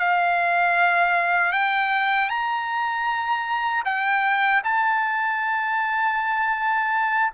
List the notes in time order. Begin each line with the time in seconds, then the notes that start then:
0.00 F5
1.53 G5
2.30 A#5
3.86 G5
4.64 A5